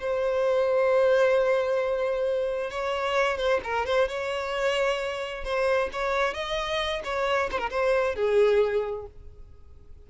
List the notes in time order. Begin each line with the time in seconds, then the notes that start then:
0.00 C5
2.71 C#5
3.37 C5
3.64 A#4
3.86 C5
4.08 C#5
5.44 C5
5.93 C#5
6.34 D#5
7.04 C#5
7.51 C5
7.58 A#4
7.70 C5
8.15 G#4